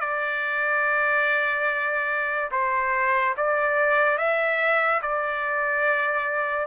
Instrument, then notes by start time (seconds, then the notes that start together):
trumpet
0.00 D5
2.51 C5
3.36 D5
4.17 E5
5.02 D5